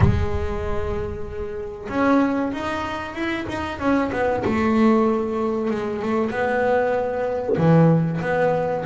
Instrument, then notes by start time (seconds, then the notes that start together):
double bass
0.00 G#3
1.89 C#4
2.52 D#4
3.14 E4
3.49 D#4
3.79 C#4
4.12 B3
4.44 A3
5.70 G#3
6.02 A3
6.30 B3
7.57 E3
8.21 B3